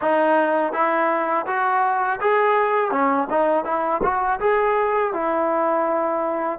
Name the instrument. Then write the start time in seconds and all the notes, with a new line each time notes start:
trombone
0.01 D#4
0.72 E4
1.46 F#4
2.20 G#4
2.91 C#4
3.30 D#4
3.64 E4
4.03 F#4
4.40 G#4
5.13 E4